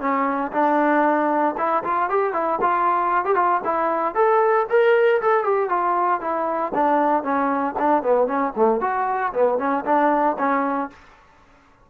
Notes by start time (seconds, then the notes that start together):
0.00 C#4
0.52 D4
1.58 E4
1.84 F4
2.09 G4
2.33 E4
2.61 F4
3.25 G4
3.35 F4
3.64 E4
4.15 A4
4.70 A#4
5.21 A4
5.44 G4
5.69 F4
6.21 E4
6.75 D4
7.23 C#4
7.79 D4
8.03 B3
8.27 C#4
8.56 A3
8.81 F#4
9.33 B3
9.59 C#4
9.85 D4
10.38 C#4